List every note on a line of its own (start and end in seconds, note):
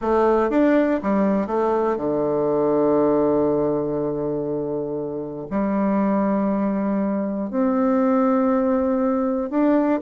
0.01 0.50 A3
0.50 1.00 D4
1.02 1.47 G3
1.47 1.96 A3
1.96 5.46 D3
5.50 7.50 G3
7.50 9.50 C4
9.50 10.00 D4